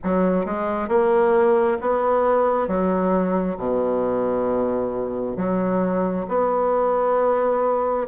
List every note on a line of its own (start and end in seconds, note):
0.03 0.45 F#3
0.45 0.88 G#3
0.88 1.77 A#3
1.80 2.67 B3
2.67 3.57 F#3
3.57 5.36 B2
5.36 6.26 F#3
6.28 8.07 B3